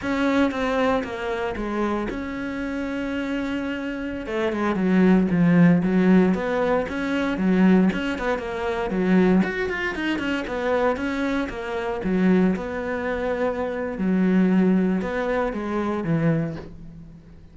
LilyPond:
\new Staff \with { instrumentName = "cello" } { \time 4/4 \tempo 4 = 116 cis'4 c'4 ais4 gis4 | cis'1~ | cis'16 a8 gis8 fis4 f4 fis8.~ | fis16 b4 cis'4 fis4 cis'8 b16~ |
b16 ais4 fis4 fis'8 f'8 dis'8 cis'16~ | cis'16 b4 cis'4 ais4 fis8.~ | fis16 b2~ b8. fis4~ | fis4 b4 gis4 e4 | }